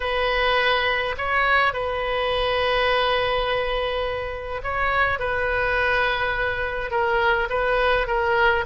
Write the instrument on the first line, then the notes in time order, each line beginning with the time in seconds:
oboe
0.00 B4
1.17 C#5
1.73 B4
4.63 C#5
5.19 B4
6.90 A#4
7.49 B4
8.07 A#4